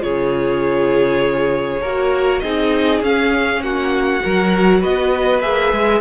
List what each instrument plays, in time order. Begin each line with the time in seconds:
0.00 cello C#3, viola F4, violin G#4 C#5
1.82 cello A#3, viola F#4, violin A#4
2.40 cello C4, viola D#4, violin G#4 D#5
3.02 cello C#4, viola C#4, violin F5
3.61 cello A#3, violin F#4 F#5
4.21 cello F#3, viola F#4, violin A#4
4.81 cello B3, violin B4 D#5
5.42 cello A#3, viola G#4, violin E5
5.73 cello G#3